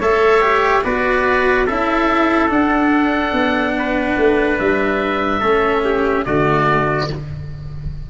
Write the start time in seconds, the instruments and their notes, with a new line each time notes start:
0.00 tuba A3, cello A4, trumpet C#5, oboe E5
0.41 cello G4
0.84 tuba B3, cello F#4, trumpet B4, oboe D5
1.66 tuba C#4, cello E4, trumpet A4, oboe E5
2.49 cello D4, tuba D4, oboe F#5
3.33 tuba B3
3.79 trumpet B4
4.18 tuba A3
4.59 tuba G3, oboe E5
5.40 tuba A3, cello C#4, trumpet A4
5.85 trumpet G4
6.26 tuba D3, cello A3, trumpet F#4, oboe D5